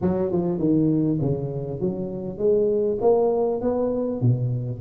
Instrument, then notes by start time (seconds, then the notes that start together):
tuba
0.01 F#3
0.31 F3
0.58 D#3
1.21 C#3
1.80 F#3
2.38 G#3
3.01 A#3
3.61 B3
4.21 B2